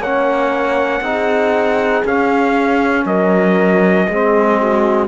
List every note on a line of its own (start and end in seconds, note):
0.00 1.01 A#3
0.00 1.03 C#4
0.00 1.02 C#5
0.00 2.06 F#5
1.01 2.02 C4
1.01 2.05 D#4
1.01 3.06 G#4
2.05 3.05 C#4
2.05 4.10 C#4
2.05 3.06 F5
3.05 4.07 F#3
3.05 4.08 A#4
3.05 5.08 D#5
4.09 5.08 G#3
4.09 5.08 C4
4.09 4.60 G#4
4.60 5.08 F#4